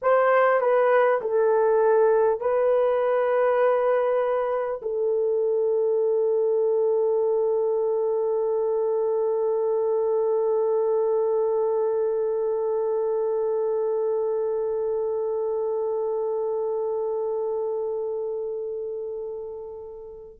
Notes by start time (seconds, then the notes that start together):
0.02 C5
0.60 B4
1.21 A4
2.40 B4
4.82 A4